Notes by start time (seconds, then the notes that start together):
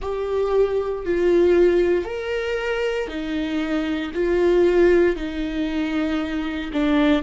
0.01 G4
1.05 F4
2.04 A#4
3.08 D#4
4.14 F4
5.16 D#4
6.72 D4